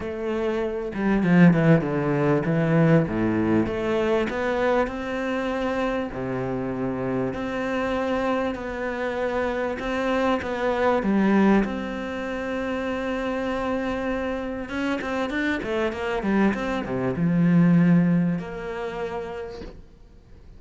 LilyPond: \new Staff \with { instrumentName = "cello" } { \time 4/4 \tempo 4 = 98 a4. g8 f8 e8 d4 | e4 a,4 a4 b4 | c'2 c2 | c'2 b2 |
c'4 b4 g4 c'4~ | c'1 | cis'8 c'8 d'8 a8 ais8 g8 c'8 c8 | f2 ais2 | }